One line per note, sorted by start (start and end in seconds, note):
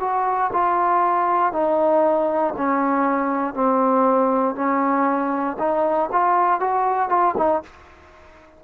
0.00 0.51 F#4
0.53 1.53 F4
1.53 2.54 D#4
2.57 3.54 C#4
3.54 4.55 C4
4.55 5.57 C#4
5.59 6.10 D#4
6.12 6.60 F4
6.60 7.09 F#4
7.09 7.35 F4
7.37 7.63 D#4